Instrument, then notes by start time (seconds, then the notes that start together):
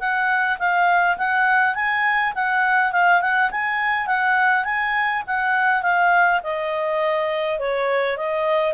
clarinet
0.00 F#5
0.59 F5
1.18 F#5
1.75 G#5
2.35 F#5
2.92 F5
3.21 F#5
3.51 G#5
4.07 F#5
4.64 G#5
5.27 F#5
5.83 F5
6.43 D#5
7.59 C#5
8.17 D#5